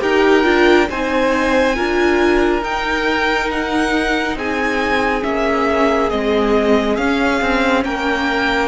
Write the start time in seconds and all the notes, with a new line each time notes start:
0.00 D#4 G4 A#4 G5
0.44 D4 F4
0.89 C4 D#4 C5 G#5
1.75 D4 F4 A#4
2.62 D#4 G5
3.51 F#5
4.36 C4 G#4 G#5
5.21 A#3 C#4 E5
6.09 G#3 C4 D#5
6.96 C#4 F5
7.41 C4
7.84 A#3 A#4 G5